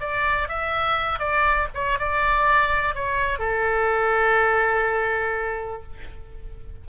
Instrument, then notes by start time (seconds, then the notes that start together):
oboe
0.00 D5
0.48 E5
1.19 D5
1.75 C#5
1.99 D5
2.95 C#5
3.39 A4